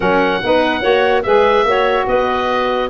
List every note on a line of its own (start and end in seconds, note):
0.00 0.42 F#3
0.00 0.41 C#4
0.00 0.41 A#4
0.00 1.22 F#5
0.43 0.83 B3
0.43 0.81 D#4
0.43 0.81 B4
0.81 1.24 A#3
0.81 1.22 F#4
0.81 1.22 C#5
1.22 1.64 G#3
1.22 1.65 G#4
1.22 1.66 B4
1.22 2.05 E5
1.64 2.05 A#3
1.64 2.89 F#4
1.64 2.07 C#5
2.07 2.89 B3
2.07 2.89 B4
2.07 2.89 D#5